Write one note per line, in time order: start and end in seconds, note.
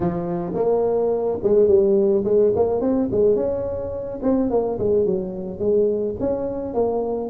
0.00 0.52 F3
0.54 1.38 A#3
1.43 1.67 G#3
1.67 2.24 G3
2.24 2.52 G#3
2.55 2.80 A#3
2.80 3.08 C4
3.11 3.35 G#3
3.35 4.19 C#4
4.22 4.50 C4
4.50 4.78 A#3
4.78 5.05 G#3
5.05 5.59 F#3
5.59 6.15 G#3
6.20 6.74 C#4
6.74 7.29 A#3